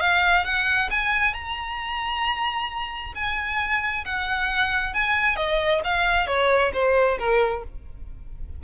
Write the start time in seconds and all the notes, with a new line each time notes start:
0.00 F5
0.44 F#5
0.90 G#5
1.34 A#5
3.14 G#5
4.04 F#5
4.93 G#5
5.36 D#5
5.84 F5
6.26 C#5
6.73 C5
7.18 A#4